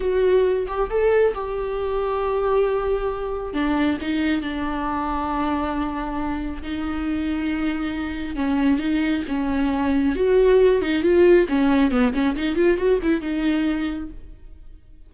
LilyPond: \new Staff \with { instrumentName = "viola" } { \time 4/4 \tempo 4 = 136 fis'4. g'8 a'4 g'4~ | g'1 | d'4 dis'4 d'2~ | d'2. dis'4~ |
dis'2. cis'4 | dis'4 cis'2 fis'4~ | fis'8 dis'8 f'4 cis'4 b8 cis'8 | dis'8 f'8 fis'8 e'8 dis'2 | }